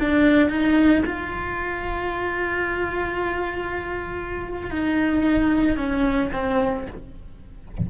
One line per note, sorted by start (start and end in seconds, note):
0.00 0.50 D4
0.50 1.04 D#4
1.06 4.71 F4
4.71 5.77 D#4
5.77 6.31 C#4
6.33 6.87 C4